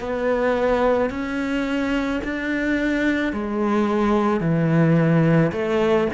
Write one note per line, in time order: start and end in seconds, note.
0.00 1.10 B3
1.10 2.21 C#4
2.24 3.32 D4
3.32 4.40 G#3
4.40 5.52 E3
5.52 6.08 A3